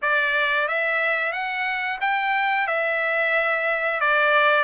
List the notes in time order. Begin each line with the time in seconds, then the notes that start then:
0.02 D5
0.68 E5
1.32 F#5
2.00 G5
2.67 E5
4.00 D5